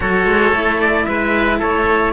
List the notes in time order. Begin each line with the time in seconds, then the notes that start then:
0.00 F#3 F#4 A4 C#5
0.25 G#3
0.51 A3 E4
0.80 D5
1.05 G#3 B4 E5
1.59 A3 A4 C#5